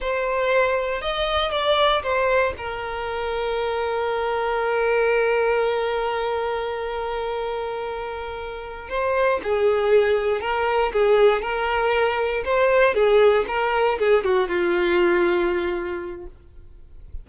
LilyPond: \new Staff \with { instrumentName = "violin" } { \time 4/4 \tempo 4 = 118 c''2 dis''4 d''4 | c''4 ais'2.~ | ais'1~ | ais'1~ |
ais'4. c''4 gis'4.~ | gis'8 ais'4 gis'4 ais'4.~ | ais'8 c''4 gis'4 ais'4 gis'8 | fis'8 f'2.~ f'8 | }